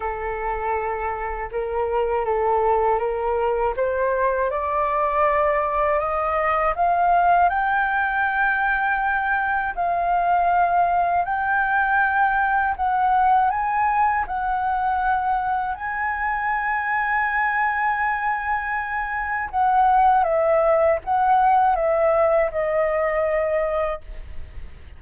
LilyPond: \new Staff \with { instrumentName = "flute" } { \time 4/4 \tempo 4 = 80 a'2 ais'4 a'4 | ais'4 c''4 d''2 | dis''4 f''4 g''2~ | g''4 f''2 g''4~ |
g''4 fis''4 gis''4 fis''4~ | fis''4 gis''2.~ | gis''2 fis''4 e''4 | fis''4 e''4 dis''2 | }